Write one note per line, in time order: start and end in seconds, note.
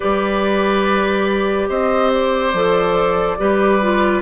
0.00 1.69 G3
0.00 2.53 G4
0.00 1.68 B4
0.00 1.68 D5
1.68 2.53 C4
1.68 3.37 C5
1.68 2.12 D#5
2.13 4.22 D5
2.53 3.38 F3
2.53 3.37 A4
3.37 4.22 G3
3.37 3.80 G4
3.37 4.22 B4
3.81 4.22 F4